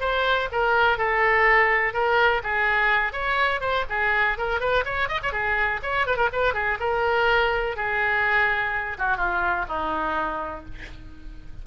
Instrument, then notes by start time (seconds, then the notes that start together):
oboe
0.00 C5
0.52 A#4
0.98 A4
1.93 A#4
2.43 G#4
3.13 C#5
3.60 C5
3.90 G#4
4.38 A#4
4.60 B4
4.85 C#5
5.09 D#5
5.22 C#5
5.32 G#4
5.82 C#5
6.06 B4
6.17 A#4
6.32 B4
6.54 G#4
6.80 A#4
7.76 G#4
8.98 F#4
9.17 F4
9.68 D#4